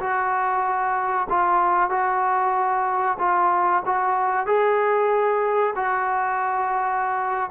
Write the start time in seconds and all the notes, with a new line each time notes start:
0.00 F#4
1.29 F4
1.90 F#4
3.19 F4
3.86 F#4
4.46 G#4
5.76 F#4